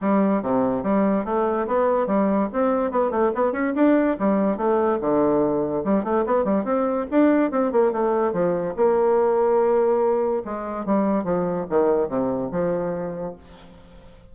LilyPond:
\new Staff \with { instrumentName = "bassoon" } { \time 4/4 \tempo 4 = 144 g4 c4 g4 a4 | b4 g4 c'4 b8 a8 | b8 cis'8 d'4 g4 a4 | d2 g8 a8 b8 g8 |
c'4 d'4 c'8 ais8 a4 | f4 ais2.~ | ais4 gis4 g4 f4 | dis4 c4 f2 | }